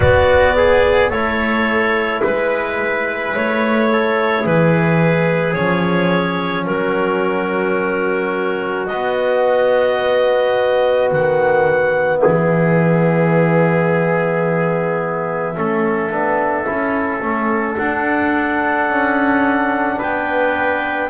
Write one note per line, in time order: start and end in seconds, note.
0.00 1.11 B3
0.00 1.10 B3
0.00 0.55 F#4
0.00 1.10 D5
0.56 1.09 G#4
1.09 2.21 A3
1.09 5.55 E4
1.09 2.21 A4
1.09 2.22 C#5
2.22 3.34 G#3
2.22 3.89 B4
2.22 3.35 B4
3.35 4.45 A3
3.35 4.46 C#5
3.91 4.42 A4
4.42 5.56 E3
4.42 6.64 G#4
4.42 5.53 B4
5.53 6.67 F3
5.53 8.88 C#4
5.53 6.64 C#5
6.66 8.89 F#3
6.66 12.21 F#4
6.66 8.86 A#4
8.86 11.11 B3
8.86 15.55 B3
8.86 11.08 D#5
11.11 12.22 D#3
11.11 12.17 F#5
12.17 15.54 G#4
12.17 17.73 E5
12.26 15.57 E3
15.55 16.10 A3
15.55 16.10 C#4
15.55 19.97 A4
16.10 16.66 B3
16.10 16.64 D4
16.64 17.21 C#4
16.64 17.20 E4
17.21 17.77 A3
17.21 17.77 C#4
17.78 18.89 D4
17.78 21.10 D4
17.78 20.00 F#5
18.89 20.00 C#4
19.97 21.10 B3
19.97 21.09 B4
19.97 21.10 G5